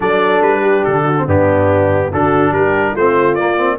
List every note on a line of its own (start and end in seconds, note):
0.00 0.41 F#3
0.00 1.12 D4
0.00 0.61 A4
0.00 0.42 D5
0.41 0.84 G3
0.41 0.84 B4
0.61 1.03 G4
0.84 1.26 D3
0.84 1.26 A4
1.03 1.24 F#4
1.18 1.27 C4
1.26 2.11 G2
1.26 2.11 B3
1.26 2.12 D4
1.26 2.13 G4
2.12 2.51 D3
2.12 2.97 D4
2.12 2.54 F#4
2.12 2.53 A4
2.51 2.93 G3
2.51 2.91 G4
2.51 2.95 A#4
2.91 3.37 A3
2.91 3.76 F4
2.91 3.34 C5
2.98 3.39 C4
3.34 3.78 A#3
3.34 3.57 A#3
3.34 3.77 D5
3.57 3.78 C4